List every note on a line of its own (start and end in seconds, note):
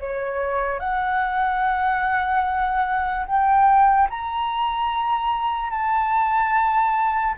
0.00 0.80 C#5
0.80 3.27 F#5
3.27 4.09 G5
4.10 5.70 A#5
5.70 7.35 A5